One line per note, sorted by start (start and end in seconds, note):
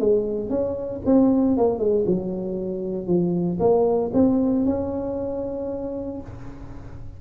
0.00 0.50 G#3
0.50 1.02 C#4
1.06 1.58 C4
1.58 1.79 A#3
1.79 2.05 G#3
2.06 3.07 F#3
3.07 3.59 F3
3.60 4.12 A#3
4.14 4.66 C4
4.66 6.21 C#4